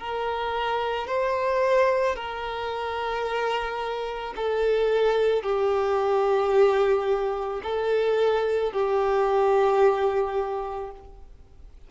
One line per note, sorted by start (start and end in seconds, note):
0.00 1.07 A#4
1.07 2.16 C5
2.16 4.34 A#4
4.36 5.43 A4
5.43 7.61 G4
7.64 8.73 A4
8.73 10.91 G4